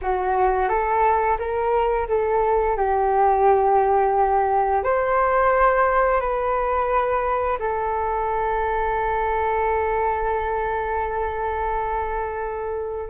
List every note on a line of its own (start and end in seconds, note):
0.01 0.68 F#4
0.68 1.37 A4
1.38 2.07 A#4
2.08 2.76 A4
2.76 4.83 G4
4.83 6.20 C5
6.20 7.58 B4
7.59 13.09 A4